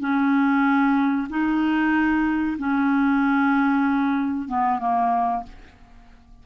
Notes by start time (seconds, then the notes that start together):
0.00 C#4
1.29 D#4
2.58 C#4
4.48 B3
4.79 A#3